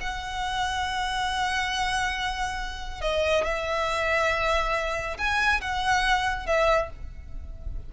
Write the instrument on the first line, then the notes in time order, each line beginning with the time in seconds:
violin
0.00 F#5
3.01 D#5
3.44 E5
5.18 G#5
5.60 F#5
6.46 E5